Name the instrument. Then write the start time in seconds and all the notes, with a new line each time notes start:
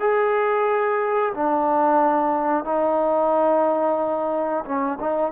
trombone
0.00 G#4
1.34 D4
2.65 D#4
4.65 C#4
5.00 D#4